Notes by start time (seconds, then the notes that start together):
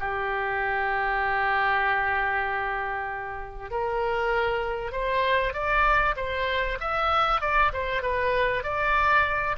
0.00 G4
3.71 A#4
4.92 C5
5.53 D5
6.16 C5
6.80 E5
7.41 D5
7.73 C5
8.02 B4
8.63 D5